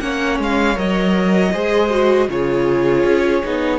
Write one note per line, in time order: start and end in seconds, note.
0.00 0.39 A#3
0.00 0.75 C#4
0.00 1.52 C#5
0.00 0.38 F#5
0.39 0.77 G#3
0.39 0.78 F5
0.75 1.54 F#3
0.75 1.51 A#4
0.75 2.30 D#5
1.52 2.28 G#3
1.52 1.90 G#4
1.52 2.28 C5
1.90 2.28 F#4
2.28 3.04 C#3
2.28 3.43 F4
2.28 3.79 G#4
2.28 3.79 C#5
3.04 3.42 C#4
3.44 3.79 B3
3.44 3.79 D#4